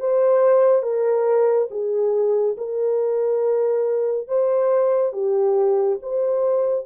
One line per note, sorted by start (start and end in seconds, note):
0.00 0.83 C5
0.83 1.69 A#4
1.71 2.57 G#4
2.58 4.28 A#4
4.28 5.13 C5
5.13 5.99 G4
6.02 6.86 C5